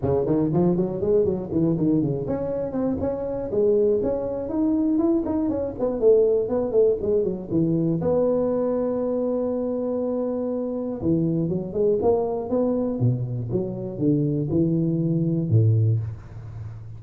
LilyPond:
\new Staff \with { instrumentName = "tuba" } { \time 4/4 \tempo 4 = 120 cis8 dis8 f8 fis8 gis8 fis8 e8 dis8 | cis8 cis'4 c'8 cis'4 gis4 | cis'4 dis'4 e'8 dis'8 cis'8 b8 | a4 b8 a8 gis8 fis8 e4 |
b1~ | b2 e4 fis8 gis8 | ais4 b4 b,4 fis4 | d4 e2 a,4 | }